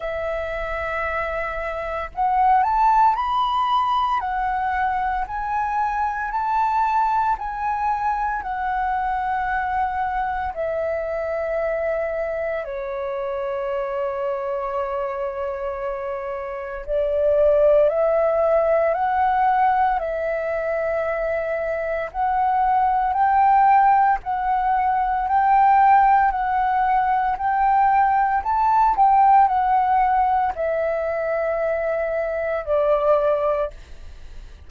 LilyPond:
\new Staff \with { instrumentName = "flute" } { \time 4/4 \tempo 4 = 57 e''2 fis''8 a''8 b''4 | fis''4 gis''4 a''4 gis''4 | fis''2 e''2 | cis''1 |
d''4 e''4 fis''4 e''4~ | e''4 fis''4 g''4 fis''4 | g''4 fis''4 g''4 a''8 g''8 | fis''4 e''2 d''4 | }